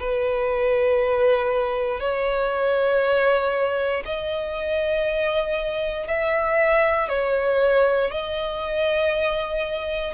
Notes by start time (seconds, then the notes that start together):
0.00 B4
2.00 C#5
4.05 D#5
6.08 E5
7.09 C#5
8.11 D#5